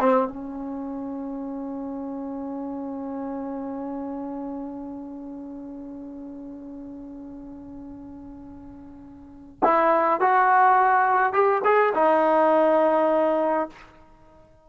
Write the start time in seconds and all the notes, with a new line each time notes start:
0.00 C4
0.28 C#4
9.64 E4
10.21 F#4
11.34 G4
11.65 G#4
11.95 D#4